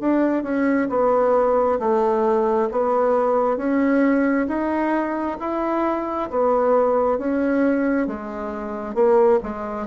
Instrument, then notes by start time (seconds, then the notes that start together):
bassoon
0.00 D4
0.43 C#4
0.90 B3
1.79 A3
2.71 B3
3.57 C#4
4.48 D#4
5.40 E4
6.30 B3
7.18 C#4
8.07 G#3
8.94 A#3
9.43 G#3